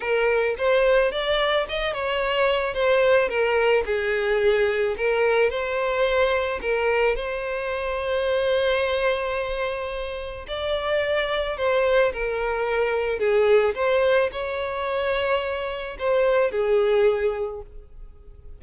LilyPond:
\new Staff \with { instrumentName = "violin" } { \time 4/4 \tempo 4 = 109 ais'4 c''4 d''4 dis''8 cis''8~ | cis''4 c''4 ais'4 gis'4~ | gis'4 ais'4 c''2 | ais'4 c''2.~ |
c''2. d''4~ | d''4 c''4 ais'2 | gis'4 c''4 cis''2~ | cis''4 c''4 gis'2 | }